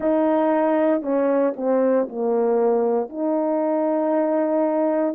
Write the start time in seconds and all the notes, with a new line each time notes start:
0.00 D#4
1.02 C#4
1.56 C4
2.08 A#3
3.08 D#4